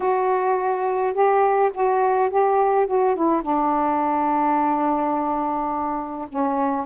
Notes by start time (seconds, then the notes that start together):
0.00 F#4
1.13 G4
1.74 F#4
2.30 G4
2.86 F#4
3.15 E4
3.42 D4
6.29 C#4